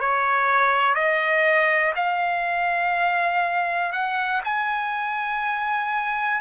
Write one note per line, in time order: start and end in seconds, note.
0.00 0.95 C#5
0.95 1.93 D#5
1.95 3.92 F5
3.92 4.41 F#5
4.44 6.41 G#5